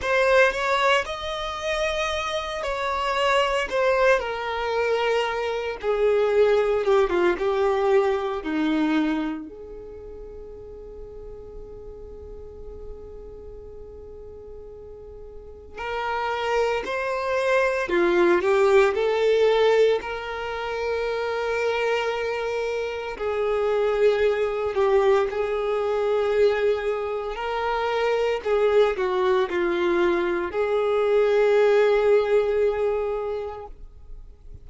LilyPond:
\new Staff \with { instrumentName = "violin" } { \time 4/4 \tempo 4 = 57 c''8 cis''8 dis''4. cis''4 c''8 | ais'4. gis'4 g'16 f'16 g'4 | dis'4 gis'2.~ | gis'2. ais'4 |
c''4 f'8 g'8 a'4 ais'4~ | ais'2 gis'4. g'8 | gis'2 ais'4 gis'8 fis'8 | f'4 gis'2. | }